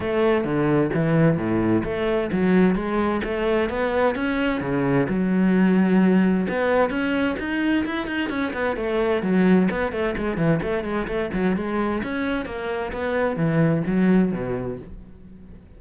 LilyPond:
\new Staff \with { instrumentName = "cello" } { \time 4/4 \tempo 4 = 130 a4 d4 e4 a,4 | a4 fis4 gis4 a4 | b4 cis'4 cis4 fis4~ | fis2 b4 cis'4 |
dis'4 e'8 dis'8 cis'8 b8 a4 | fis4 b8 a8 gis8 e8 a8 gis8 | a8 fis8 gis4 cis'4 ais4 | b4 e4 fis4 b,4 | }